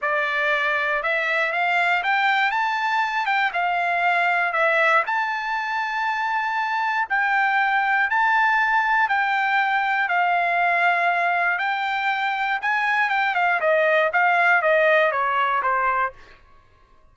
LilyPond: \new Staff \with { instrumentName = "trumpet" } { \time 4/4 \tempo 4 = 119 d''2 e''4 f''4 | g''4 a''4. g''8 f''4~ | f''4 e''4 a''2~ | a''2 g''2 |
a''2 g''2 | f''2. g''4~ | g''4 gis''4 g''8 f''8 dis''4 | f''4 dis''4 cis''4 c''4 | }